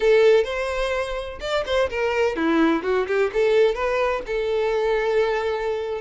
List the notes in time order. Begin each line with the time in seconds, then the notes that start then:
0.00 A4
0.44 C5
1.40 D5
1.65 C5
1.90 A#4
2.36 E4
2.83 F#4
3.07 G4
3.33 A4
3.75 B4
4.26 A4